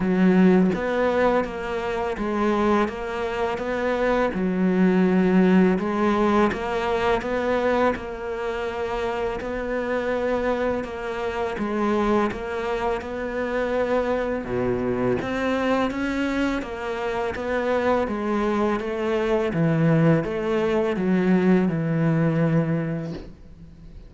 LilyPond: \new Staff \with { instrumentName = "cello" } { \time 4/4 \tempo 4 = 83 fis4 b4 ais4 gis4 | ais4 b4 fis2 | gis4 ais4 b4 ais4~ | ais4 b2 ais4 |
gis4 ais4 b2 | b,4 c'4 cis'4 ais4 | b4 gis4 a4 e4 | a4 fis4 e2 | }